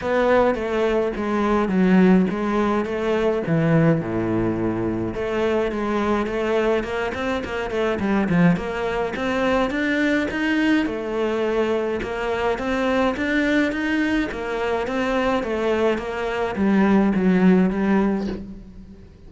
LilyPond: \new Staff \with { instrumentName = "cello" } { \time 4/4 \tempo 4 = 105 b4 a4 gis4 fis4 | gis4 a4 e4 a,4~ | a,4 a4 gis4 a4 | ais8 c'8 ais8 a8 g8 f8 ais4 |
c'4 d'4 dis'4 a4~ | a4 ais4 c'4 d'4 | dis'4 ais4 c'4 a4 | ais4 g4 fis4 g4 | }